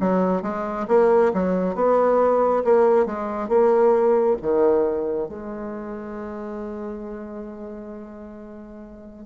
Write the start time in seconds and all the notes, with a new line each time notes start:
0.00 F#3
0.43 G#3
0.88 A#3
1.34 F#3
1.75 B3
2.65 A#3
3.06 G#3
3.49 A#3
4.42 D#3
5.29 G#3